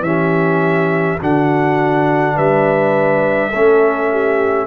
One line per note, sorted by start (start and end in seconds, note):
0.00 1.15 E3
0.00 1.19 C#4
0.00 1.20 G4
0.00 1.18 E5
1.20 2.37 D3
1.20 3.52 D4
1.20 2.34 F#4
1.20 2.37 F#5
2.34 3.52 G3
2.34 3.49 B4
2.34 4.66 E5
3.49 4.66 A3
3.49 4.66 C#4
3.49 4.07 A4
4.11 4.66 G4